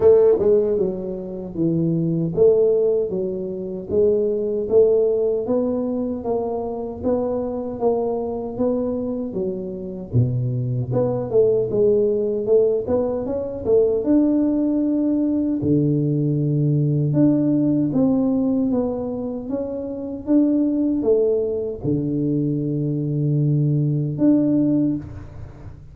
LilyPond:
\new Staff \with { instrumentName = "tuba" } { \time 4/4 \tempo 4 = 77 a8 gis8 fis4 e4 a4 | fis4 gis4 a4 b4 | ais4 b4 ais4 b4 | fis4 b,4 b8 a8 gis4 |
a8 b8 cis'8 a8 d'2 | d2 d'4 c'4 | b4 cis'4 d'4 a4 | d2. d'4 | }